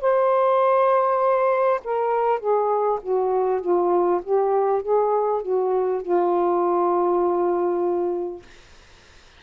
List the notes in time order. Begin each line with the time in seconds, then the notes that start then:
0.00 C5
1.84 A#4
2.39 G#4
3.02 F#4
3.61 F4
4.23 G4
4.82 G#4
5.42 F#4
6.02 F4